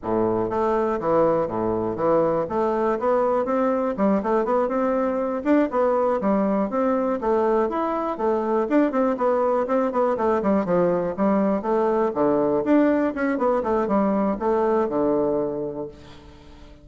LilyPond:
\new Staff \with { instrumentName = "bassoon" } { \time 4/4 \tempo 4 = 121 a,4 a4 e4 a,4 | e4 a4 b4 c'4 | g8 a8 b8 c'4. d'8 b8~ | b8 g4 c'4 a4 e'8~ |
e'8 a4 d'8 c'8 b4 c'8 | b8 a8 g8 f4 g4 a8~ | a8 d4 d'4 cis'8 b8 a8 | g4 a4 d2 | }